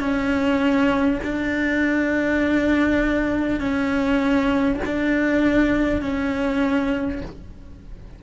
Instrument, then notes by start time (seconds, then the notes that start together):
cello
0.00 C#4
1.23 D4
3.59 C#4
4.85 D4
6.02 C#4